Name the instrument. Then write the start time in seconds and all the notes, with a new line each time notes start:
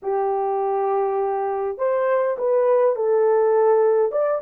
horn
0.02 G4
1.78 C5
2.38 B4
2.95 A4
4.11 D5